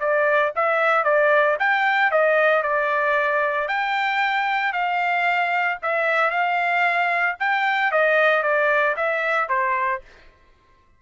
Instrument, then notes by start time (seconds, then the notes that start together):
trumpet
0.00 D5
0.56 E5
1.04 D5
1.59 G5
2.12 D#5
2.63 D5
3.68 G5
4.73 F5
5.83 E5
6.31 F5
7.40 G5
7.92 D#5
8.43 D5
8.97 E5
9.49 C5